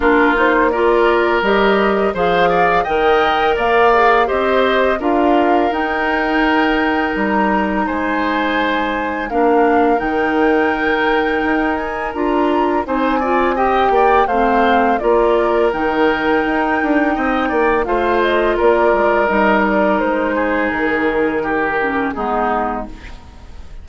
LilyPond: <<
  \new Staff \with { instrumentName = "flute" } { \time 4/4 \tempo 4 = 84 ais'8 c''8 d''4 dis''4 f''4 | g''4 f''4 dis''4 f''4 | g''2 ais''4 gis''4~ | gis''4 f''4 g''2~ |
g''8 gis''8 ais''4 gis''4 g''4 | f''4 d''4 g''2~ | g''4 f''8 dis''8 d''4 dis''8 d''8 | c''4 ais'2 gis'4 | }
  \new Staff \with { instrumentName = "oboe" } { \time 4/4 f'4 ais'2 c''8 d''8 | dis''4 d''4 c''4 ais'4~ | ais'2. c''4~ | c''4 ais'2.~ |
ais'2 c''8 d''8 dis''8 d''8 | c''4 ais'2. | dis''8 d''8 c''4 ais'2~ | ais'8 gis'4. g'4 dis'4 | }
  \new Staff \with { instrumentName = "clarinet" } { \time 4/4 d'8 dis'8 f'4 g'4 gis'4 | ais'4. gis'8 g'4 f'4 | dis'1~ | dis'4 d'4 dis'2~ |
dis'4 f'4 dis'8 f'8 g'4 | c'4 f'4 dis'2~ | dis'4 f'2 dis'4~ | dis'2~ dis'8 cis'8 b4 | }
  \new Staff \with { instrumentName = "bassoon" } { \time 4/4 ais2 g4 f4 | dis4 ais4 c'4 d'4 | dis'2 g4 gis4~ | gis4 ais4 dis2 |
dis'4 d'4 c'4. ais8 | a4 ais4 dis4 dis'8 d'8 | c'8 ais8 a4 ais8 gis8 g4 | gis4 dis2 gis4 | }
>>